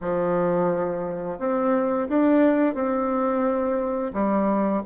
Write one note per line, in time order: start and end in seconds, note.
0.00 1.38 F3
1.39 2.08 C4
2.08 2.74 D4
2.74 4.12 C4
4.13 4.82 G3